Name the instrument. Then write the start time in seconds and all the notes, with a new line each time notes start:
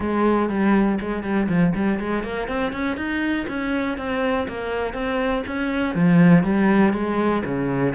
cello
0.00 G#3
0.49 G3
1.00 G#3
1.23 G3
1.49 F3
1.75 G3
1.99 G#3
2.23 A#3
2.47 C4
2.72 C#4
2.96 D#4
3.48 C#4
3.97 C4
4.48 A#3
4.93 C4
5.47 C#4
5.95 F3
6.43 G3
6.93 G#3
7.44 C#3